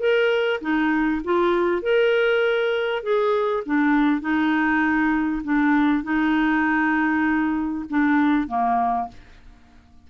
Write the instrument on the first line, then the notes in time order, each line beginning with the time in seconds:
clarinet
0.00 A#4
0.61 D#4
1.25 F4
1.83 A#4
3.03 G#4
3.66 D4
4.21 D#4
5.44 D4
6.04 D#4
7.90 D4
8.48 A#3